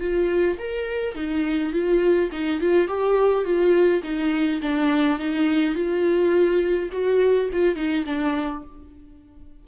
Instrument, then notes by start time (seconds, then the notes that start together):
viola
0.00 F4
0.58 A#4
1.15 D#4
1.73 F4
2.32 D#4
2.61 F4
2.88 G4
3.45 F4
4.03 D#4
4.62 D4
5.19 D#4
5.74 F4
6.92 F#4
7.52 F4
7.75 D#4
8.06 D4